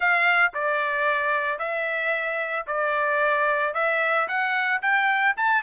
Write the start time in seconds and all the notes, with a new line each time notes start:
0.00 F5
0.54 D5
1.59 E5
2.66 D5
3.74 E5
4.28 F#5
4.81 G5
5.36 A5